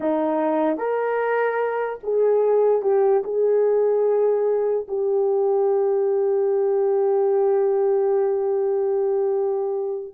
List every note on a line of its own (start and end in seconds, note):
0.00 0.77 D#4
0.77 1.99 A#4
2.03 2.82 G#4
2.82 3.22 G4
3.24 4.86 G#4
4.88 10.14 G4